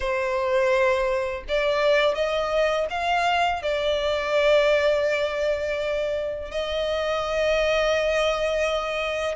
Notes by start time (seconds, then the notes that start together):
0.00 C5
1.48 D5
2.14 D#5
2.89 F5
3.62 D5
6.51 D#5